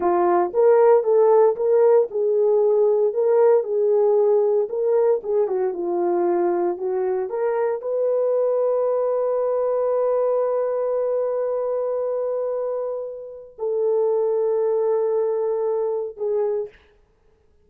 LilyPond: \new Staff \with { instrumentName = "horn" } { \time 4/4 \tempo 4 = 115 f'4 ais'4 a'4 ais'4 | gis'2 ais'4 gis'4~ | gis'4 ais'4 gis'8 fis'8 f'4~ | f'4 fis'4 ais'4 b'4~ |
b'1~ | b'1~ | b'2 a'2~ | a'2. gis'4 | }